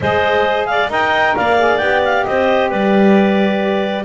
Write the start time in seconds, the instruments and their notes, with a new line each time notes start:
0.01 double bass G#3, saxophone G#4, clarinet C5 D#5
0.66 clarinet D5 F5
0.89 double bass D#4, saxophone A#4, clarinet D#5 G5
1.36 double bass A#3, clarinet D5 F5
1.57 saxophone G#4
1.77 double bass B3, saxophone G4, clarinet G5
2.04 clarinet F5
2.24 double bass C4, clarinet C5 D#5
2.69 double bass G3, clarinet B4 D5